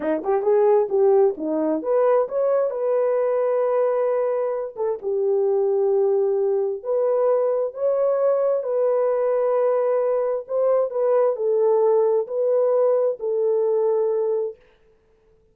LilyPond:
\new Staff \with { instrumentName = "horn" } { \time 4/4 \tempo 4 = 132 dis'8 g'8 gis'4 g'4 dis'4 | b'4 cis''4 b'2~ | b'2~ b'8 a'8 g'4~ | g'2. b'4~ |
b'4 cis''2 b'4~ | b'2. c''4 | b'4 a'2 b'4~ | b'4 a'2. | }